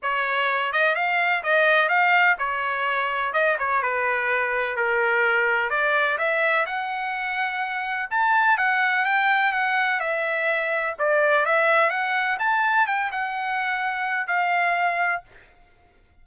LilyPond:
\new Staff \with { instrumentName = "trumpet" } { \time 4/4 \tempo 4 = 126 cis''4. dis''8 f''4 dis''4 | f''4 cis''2 dis''8 cis''8 | b'2 ais'2 | d''4 e''4 fis''2~ |
fis''4 a''4 fis''4 g''4 | fis''4 e''2 d''4 | e''4 fis''4 a''4 g''8 fis''8~ | fis''2 f''2 | }